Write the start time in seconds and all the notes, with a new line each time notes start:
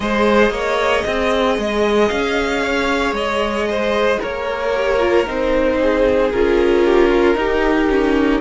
0.00 G#3 G#4 C5 D#5
0.50 A#3 C#5
1.05 C4 D#5
1.57 G#3
2.08 C#4 F5
2.62 C#5
3.12 G#3 D#5
3.70 C5
4.19 A#3 A#4 C#5
4.74 G4
4.99 F4
5.26 C4 D#4 C5
5.81 G#4
6.31 C#4 F4 A#4
6.84 G4
7.09 F4
7.34 D#4 G4
7.89 C#4